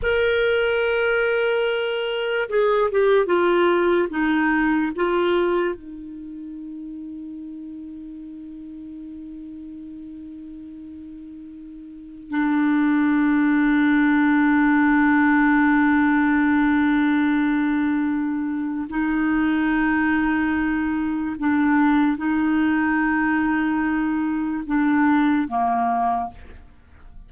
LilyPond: \new Staff \with { instrumentName = "clarinet" } { \time 4/4 \tempo 4 = 73 ais'2. gis'8 g'8 | f'4 dis'4 f'4 dis'4~ | dis'1~ | dis'2. d'4~ |
d'1~ | d'2. dis'4~ | dis'2 d'4 dis'4~ | dis'2 d'4 ais4 | }